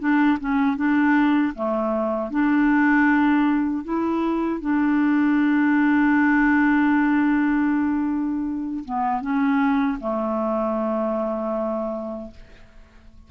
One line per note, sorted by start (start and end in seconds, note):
0.00 0.38 D4
0.40 0.77 C#4
0.77 1.54 D4
1.55 2.31 A3
2.31 3.84 D4
3.84 4.61 E4
4.61 8.84 D4
8.85 9.22 B3
9.22 9.99 C#4
10.01 12.31 A3